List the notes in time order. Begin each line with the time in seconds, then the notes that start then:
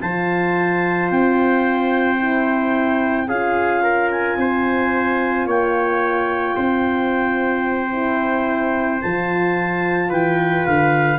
0.00 F3 F4 C5 A5
1.11 C4 G5
2.18 E4
3.27 C#4 F4 G#4 F5
3.83 A#4
4.11 G#5
4.37 C4 C5
5.46 A#3 C#5 G5
6.56 C4 C5
7.92 E4
9.02 F3 F4 A5
10.09 E3 B4 G5
10.66 D3 F5